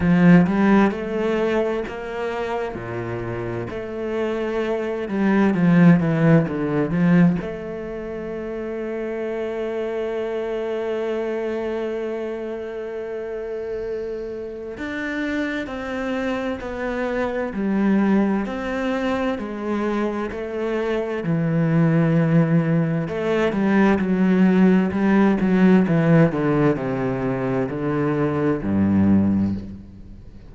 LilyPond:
\new Staff \with { instrumentName = "cello" } { \time 4/4 \tempo 4 = 65 f8 g8 a4 ais4 ais,4 | a4. g8 f8 e8 d8 f8 | a1~ | a1 |
d'4 c'4 b4 g4 | c'4 gis4 a4 e4~ | e4 a8 g8 fis4 g8 fis8 | e8 d8 c4 d4 g,4 | }